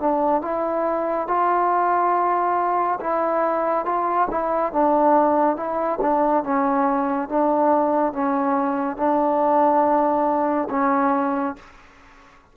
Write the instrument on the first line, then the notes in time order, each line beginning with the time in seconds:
trombone
0.00 D4
0.42 E4
1.27 F4
3.00 E4
3.85 F4
4.30 E4
4.72 D4
5.56 E4
6.01 D4
6.44 C#4
7.29 D4
8.13 C#4
8.97 D4
10.70 C#4